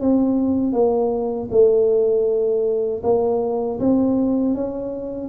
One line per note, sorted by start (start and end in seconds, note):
0.00 0.73 C4
0.73 1.49 A#3
1.51 3.02 A3
3.03 3.79 A#3
3.80 4.55 C4
4.55 5.29 C#4